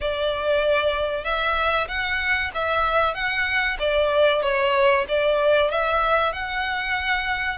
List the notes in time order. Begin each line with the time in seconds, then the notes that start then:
0.01 D5
1.24 E5
1.88 F#5
2.54 E5
3.14 F#5
3.79 D5
4.42 C#5
5.08 D5
5.70 E5
6.32 F#5